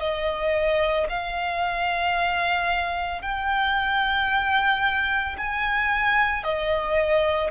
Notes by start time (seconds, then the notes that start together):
0.00 D#5
1.09 F5
3.22 G5
5.38 G#5
6.44 D#5